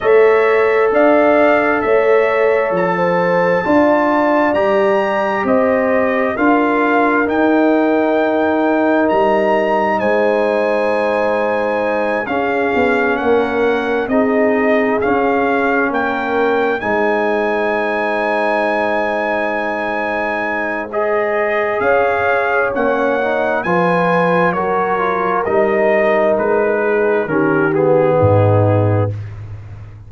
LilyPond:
<<
  \new Staff \with { instrumentName = "trumpet" } { \time 4/4 \tempo 4 = 66 e''4 f''4 e''4 a''4~ | a''4 ais''4 dis''4 f''4 | g''2 ais''4 gis''4~ | gis''4. f''4 fis''4 dis''8~ |
dis''8 f''4 g''4 gis''4.~ | gis''2. dis''4 | f''4 fis''4 gis''4 cis''4 | dis''4 b'4 ais'8 gis'4. | }
  \new Staff \with { instrumentName = "horn" } { \time 4/4 cis''4 d''4 cis''4~ cis''16 c''8. | d''2 c''4 ais'4~ | ais'2. c''4~ | c''4. gis'4 ais'4 gis'8~ |
gis'4. ais'4 c''4.~ | c''1 | cis''2 b'4 ais'4~ | ais'4. gis'8 g'4 dis'4 | }
  \new Staff \with { instrumentName = "trombone" } { \time 4/4 a'1 | f'4 g'2 f'4 | dis'1~ | dis'4. cis'2 dis'8~ |
dis'8 cis'2 dis'4.~ | dis'2. gis'4~ | gis'4 cis'8 dis'8 f'4 fis'8 f'8 | dis'2 cis'8 b4. | }
  \new Staff \with { instrumentName = "tuba" } { \time 4/4 a4 d'4 a4 f4 | d'4 g4 c'4 d'4 | dis'2 g4 gis4~ | gis4. cis'8 b8 ais4 c'8~ |
c'8 cis'4 ais4 gis4.~ | gis1 | cis'4 ais4 f4 fis4 | g4 gis4 dis4 gis,4 | }
>>